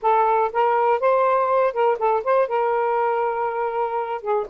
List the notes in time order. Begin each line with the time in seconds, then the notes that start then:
0.02 A4
0.53 A#4
1.00 C5
1.73 A#4
1.98 A4
2.23 C5
2.48 A#4
4.21 G#4